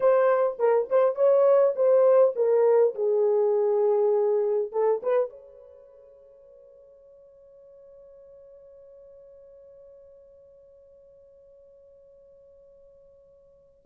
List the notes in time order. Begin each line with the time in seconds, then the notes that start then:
0.00 C5
0.59 A#4
0.89 C5
1.15 C#5
1.75 C5
2.35 A#4
2.94 G#4
4.72 A4
5.02 B4
5.29 C#5